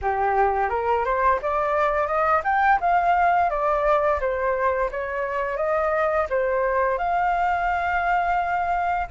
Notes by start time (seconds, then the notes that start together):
0.01 G4
0.69 A#4
1.05 C5
1.42 D5
2.07 D#5
2.44 G5
2.80 F5
3.49 D5
4.20 C5
4.91 C#5
5.57 D#5
6.29 C5
6.98 F5